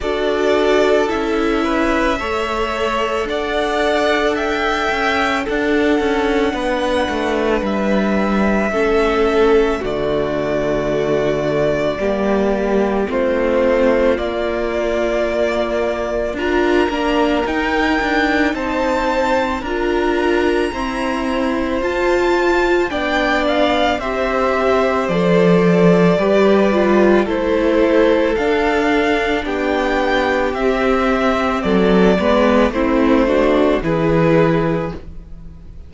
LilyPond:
<<
  \new Staff \with { instrumentName = "violin" } { \time 4/4 \tempo 4 = 55 d''4 e''2 fis''4 | g''4 fis''2 e''4~ | e''4 d''2. | c''4 d''2 ais''4 |
g''4 a''4 ais''2 | a''4 g''8 f''8 e''4 d''4~ | d''4 c''4 f''4 g''4 | e''4 d''4 c''4 b'4 | }
  \new Staff \with { instrumentName = "violin" } { \time 4/4 a'4. b'8 cis''4 d''4 | e''4 a'4 b'2 | a'4 fis'2 g'4 | f'2. ais'4~ |
ais'4 c''4 ais'4 c''4~ | c''4 d''4 c''2 | b'4 a'2 g'4~ | g'4 a'8 b'8 e'8 fis'8 gis'4 | }
  \new Staff \with { instrumentName = "viola" } { \time 4/4 fis'4 e'4 a'2~ | a'4 d'2. | cis'4 a2 ais4 | c'4 ais2 f'8 d'8 |
dis'2 f'4 c'4 | f'4 d'4 g'4 a'4 | g'8 f'8 e'4 d'2 | c'4. b8 c'8 d'8 e'4 | }
  \new Staff \with { instrumentName = "cello" } { \time 4/4 d'4 cis'4 a4 d'4~ | d'8 cis'8 d'8 cis'8 b8 a8 g4 | a4 d2 g4 | a4 ais2 d'8 ais8 |
dis'8 d'8 c'4 d'4 e'4 | f'4 b4 c'4 f4 | g4 a4 d'4 b4 | c'4 fis8 gis8 a4 e4 | }
>>